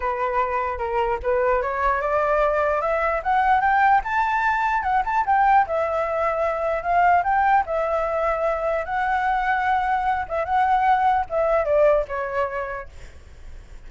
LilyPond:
\new Staff \with { instrumentName = "flute" } { \time 4/4 \tempo 4 = 149 b'2 ais'4 b'4 | cis''4 d''2 e''4 | fis''4 g''4 a''2 | fis''8 a''8 g''4 e''2~ |
e''4 f''4 g''4 e''4~ | e''2 fis''2~ | fis''4. e''8 fis''2 | e''4 d''4 cis''2 | }